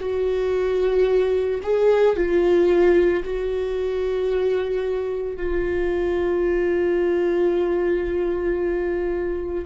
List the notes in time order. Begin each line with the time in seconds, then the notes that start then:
0.00 F#4
1.64 G#4
2.17 F4
3.24 F#4
5.37 F4